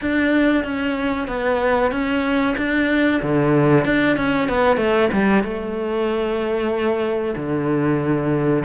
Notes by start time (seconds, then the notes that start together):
0.01 D4
0.64 C#4
1.27 B3
1.91 C#4
2.57 D4
3.22 D3
3.84 D4
4.16 C#4
4.49 B3
4.77 A3
5.12 G3
5.43 A3
7.36 D3